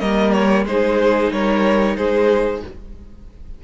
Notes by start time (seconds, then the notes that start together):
0.00 G3 A#3 A#4 D#5
0.32 C#5
0.65 G#3 D#4 G#4 C5
1.32 G3 A#4 C#5
1.96 G#3 G#4 C5